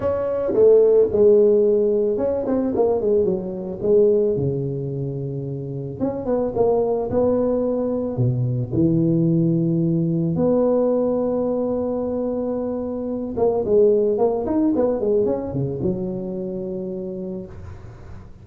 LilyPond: \new Staff \with { instrumentName = "tuba" } { \time 4/4 \tempo 4 = 110 cis'4 a4 gis2 | cis'8 c'8 ais8 gis8 fis4 gis4 | cis2. cis'8 b8 | ais4 b2 b,4 |
e2. b4~ | b1~ | b8 ais8 gis4 ais8 dis'8 b8 gis8 | cis'8 cis8 fis2. | }